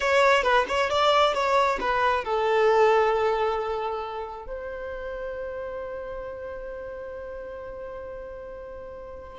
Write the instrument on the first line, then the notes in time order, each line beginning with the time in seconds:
violin
0.00 C#5
0.43 B4
0.68 C#5
0.90 D5
1.34 C#5
1.80 B4
2.24 A4
4.46 C5